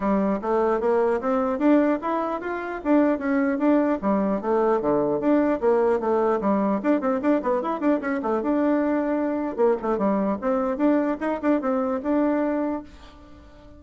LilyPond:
\new Staff \with { instrumentName = "bassoon" } { \time 4/4 \tempo 4 = 150 g4 a4 ais4 c'4 | d'4 e'4 f'4 d'4 | cis'4 d'4 g4 a4 | d4 d'4 ais4 a4 |
g4 d'8 c'8 d'8 b8 e'8 d'8 | cis'8 a8 d'2. | ais8 a8 g4 c'4 d'4 | dis'8 d'8 c'4 d'2 | }